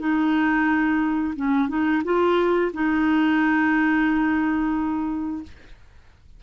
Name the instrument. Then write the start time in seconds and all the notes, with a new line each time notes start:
clarinet
0.00 D#4
1.36 C#4
1.69 D#4
2.05 F4
2.74 D#4